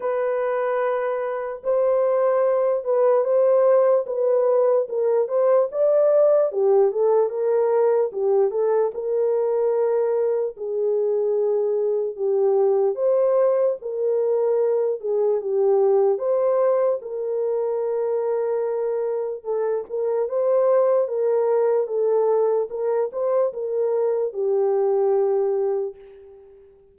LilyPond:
\new Staff \with { instrumentName = "horn" } { \time 4/4 \tempo 4 = 74 b'2 c''4. b'8 | c''4 b'4 ais'8 c''8 d''4 | g'8 a'8 ais'4 g'8 a'8 ais'4~ | ais'4 gis'2 g'4 |
c''4 ais'4. gis'8 g'4 | c''4 ais'2. | a'8 ais'8 c''4 ais'4 a'4 | ais'8 c''8 ais'4 g'2 | }